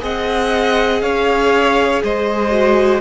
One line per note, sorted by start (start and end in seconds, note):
0.00 1.02 C4
0.00 2.50 G#4
0.00 1.03 D#5
0.00 1.01 F#5
1.01 2.02 C#4
1.01 2.03 C#5
1.01 2.01 F5
2.03 3.01 G#3
2.03 3.01 C5
2.03 3.01 D#5
2.50 3.00 F#4